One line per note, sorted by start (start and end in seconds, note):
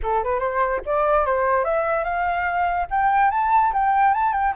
0.03 0.23 A4
0.23 0.39 B4
0.39 0.80 C5
0.85 1.25 D5
1.25 1.64 C5
1.64 2.04 E5
2.04 2.87 F5
2.90 3.30 G5
3.30 3.72 A5
3.73 4.13 G5
4.13 4.32 A5
4.32 4.53 G5